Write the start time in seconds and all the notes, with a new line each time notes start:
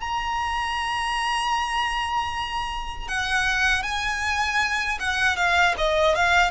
0.00 A#5
3.08 F#5
3.83 G#5
4.99 F#5
5.36 F5
5.77 D#5
6.15 F5